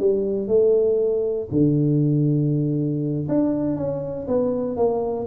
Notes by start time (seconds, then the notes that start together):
0.00 G3
0.48 A3
1.52 D3
3.29 D4
3.77 C#4
4.28 B3
4.77 A#3